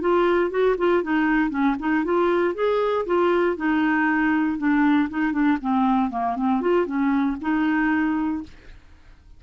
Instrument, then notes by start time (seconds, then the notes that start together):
clarinet
0.00 F4
0.50 F#4
0.77 F4
1.02 D#4
1.50 C#4
1.79 D#4
2.04 F4
2.54 G#4
3.06 F4
3.56 D#4
4.58 D4
5.09 D#4
5.32 D4
5.61 C4
6.10 A#3
6.36 C4
6.61 F4
6.86 C#4
7.41 D#4